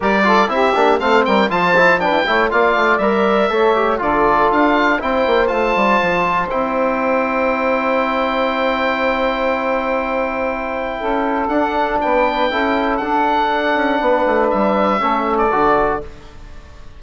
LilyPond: <<
  \new Staff \with { instrumentName = "oboe" } { \time 4/4 \tempo 4 = 120 d''4 e''4 f''8 g''8 a''4 | g''4 f''4 e''2 | d''4 f''4 g''4 a''4~ | a''4 g''2.~ |
g''1~ | g''2. fis''4 | g''2 fis''2~ | fis''4 e''4.~ e''16 d''4~ d''16 | }
  \new Staff \with { instrumentName = "saxophone" } { \time 4/4 ais'8 a'8 g'4 a'8 ais'8 c''4 | b'8 cis''8 d''2 cis''4 | a'2 c''2~ | c''1~ |
c''1~ | c''2 a'2 | b'4 a'2. | b'2 a'2 | }
  \new Staff \with { instrumentName = "trombone" } { \time 4/4 g'8 f'8 e'8 d'8 c'4 f'8 e'8 | d'8 e'8 f'4 ais'4 a'8 g'8 | f'2 e'4 f'4~ | f'4 e'2.~ |
e'1~ | e'2. d'4~ | d'4 e'4 d'2~ | d'2 cis'4 fis'4 | }
  \new Staff \with { instrumentName = "bassoon" } { \time 4/4 g4 c'8 ais8 a8 g8 f4~ | f16 e'16 a8 ais8 a8 g4 a4 | d4 d'4 c'8 ais8 a8 g8 | f4 c'2.~ |
c'1~ | c'2 cis'4 d'4 | b4 cis'4 d'4. cis'8 | b8 a8 g4 a4 d4 | }
>>